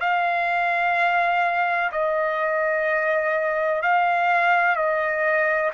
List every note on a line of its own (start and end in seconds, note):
0.00 1.90 F5
1.92 3.82 D#5
3.82 4.76 F5
4.76 5.71 D#5